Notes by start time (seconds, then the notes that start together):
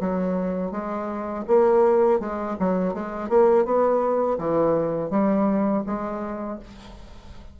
0.00 F#3
0.71 G#3
1.47 A#3
2.20 G#3
2.59 F#3
2.93 G#3
3.29 A#3
3.65 B3
4.38 E3
5.10 G3
5.86 G#3